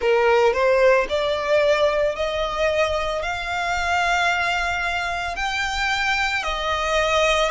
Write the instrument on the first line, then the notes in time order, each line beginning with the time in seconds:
violin
0.00 A#4
0.53 C5
1.09 D5
2.15 D#5
3.22 F5
5.36 G5
6.43 D#5